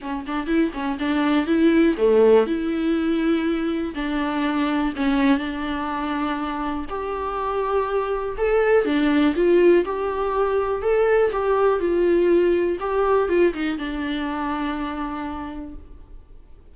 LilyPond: \new Staff \with { instrumentName = "viola" } { \time 4/4 \tempo 4 = 122 cis'8 d'8 e'8 cis'8 d'4 e'4 | a4 e'2. | d'2 cis'4 d'4~ | d'2 g'2~ |
g'4 a'4 d'4 f'4 | g'2 a'4 g'4 | f'2 g'4 f'8 dis'8 | d'1 | }